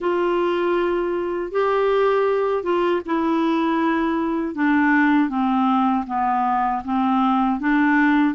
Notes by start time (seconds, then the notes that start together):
0.00 F4
1.51 G4
2.63 F4
3.05 E4
4.54 D4
5.29 C4
6.07 B3
6.84 C4
7.59 D4